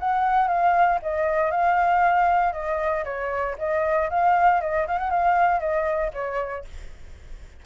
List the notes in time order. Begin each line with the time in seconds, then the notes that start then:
0.00 F#5
0.48 F5
1.02 D#5
1.51 F5
2.53 D#5
3.05 C#5
3.58 D#5
4.10 F5
4.61 D#5
4.87 F5
4.98 F#5
5.10 F5
5.60 D#5
6.13 C#5